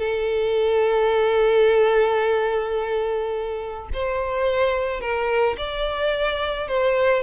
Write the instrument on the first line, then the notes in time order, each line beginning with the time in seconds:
violin
0.00 A4
3.94 C5
5.01 A#4
5.58 D5
6.68 C5